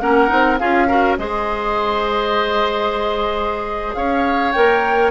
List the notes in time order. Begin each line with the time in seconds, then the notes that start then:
0.00 A#3 C#4 A#4 F#5
0.28 C4 D#4
0.59 C#4 F4 G#4 F5
0.88 F#4 A#4
1.18 G#3 G#4 C5 D#5
3.95 C#4 C#5 F5
4.52 A#3 A#4 G5